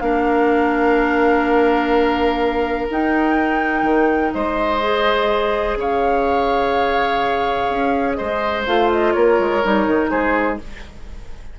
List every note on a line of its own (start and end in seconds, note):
0.00 2.89 A#3
0.00 2.89 D4
0.00 4.34 A#4
0.00 2.88 F5
2.91 3.83 D#4
2.91 4.81 D#4
2.91 4.34 G5
3.83 4.31 D#3
4.34 5.77 G#3
4.34 5.78 C5
4.34 5.78 D#5
4.81 8.65 G#4
5.77 7.69 C#3
5.77 8.18 C#5
5.77 8.14 F5
7.70 8.18 C#4
8.14 9.14 C5
8.14 8.62 D#5
8.21 8.67 G#3
8.67 9.15 A3
8.67 9.63 F4
8.67 8.91 F5
8.92 9.13 D#5
9.13 9.39 A#3
9.13 10.11 A#4
9.13 10.09 C#5
9.39 9.63 G#3
9.63 9.87 G3
9.63 10.59 D#4
9.87 10.11 D#3
10.10 10.60 G#3
10.10 10.59 G#4
10.10 10.58 C5